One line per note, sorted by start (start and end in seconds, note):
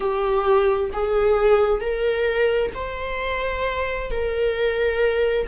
0.00 0.90 G4
0.93 1.80 G#4
1.80 2.71 A#4
2.74 4.10 C5
4.10 5.47 A#4